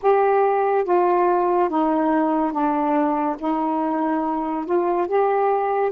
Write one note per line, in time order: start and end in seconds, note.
0.02 0.84 G4
0.84 1.69 F4
1.69 2.51 D#4
2.51 3.36 D4
3.38 4.65 D#4
4.65 5.07 F4
5.07 5.92 G4